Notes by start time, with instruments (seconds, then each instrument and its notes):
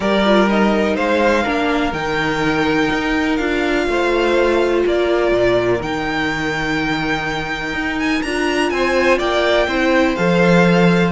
0.00 cello G3, viola G4, violin A#4 D5
0.25 viola F4
0.48 viola D#4, violin D#5
0.95 cello G#3, violin C5 F5
1.43 cello A#3, viola D4, violin A#4
1.92 cello D#3, viola D#4, violin G5
2.91 cello D#4
3.36 cello D4, viola F4, violin F5
3.87 cello A3, violin C5
4.86 cello A#3, violin A#4 D5
5.31 cello A#2
5.81 cello D#3, viola D#4, violin G5
7.73 cello D#4
7.99 violin G#5
8.22 cello D4, viola F4, violin A#5
8.69 cello C4, violin C5 G#5
9.18 cello A#3, violin D5 G5
9.67 cello C4, viola E4, violin C5
10.15 cello F3, viola A4, violin F5